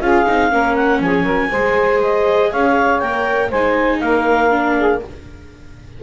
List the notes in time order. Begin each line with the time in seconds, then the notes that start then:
0.00 C#4 F4 G#4 F5
0.26 C4 D#4
0.51 A#3 C#4 A#4
0.76 F#5
1.00 F3 G#4 G#5
1.23 F#3 A#4
1.51 G#3 G#4 C5
2.02 D#5
2.51 C#4 C#5 F5
3.00 A#3 A#4 G5
3.49 G#3 D#4 C5 G#5
4.00 A#3 A#4 F5
4.50 D4
4.78 G#4